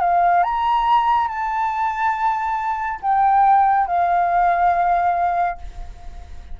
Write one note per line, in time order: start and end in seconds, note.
0.00 0.43 F5
0.43 1.28 A#5
1.28 2.99 A5
3.02 3.86 G5
3.86 5.58 F5